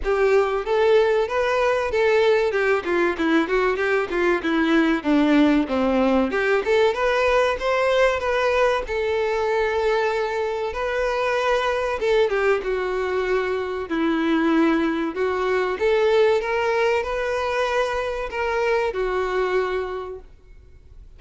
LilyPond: \new Staff \with { instrumentName = "violin" } { \time 4/4 \tempo 4 = 95 g'4 a'4 b'4 a'4 | g'8 f'8 e'8 fis'8 g'8 f'8 e'4 | d'4 c'4 g'8 a'8 b'4 | c''4 b'4 a'2~ |
a'4 b'2 a'8 g'8 | fis'2 e'2 | fis'4 a'4 ais'4 b'4~ | b'4 ais'4 fis'2 | }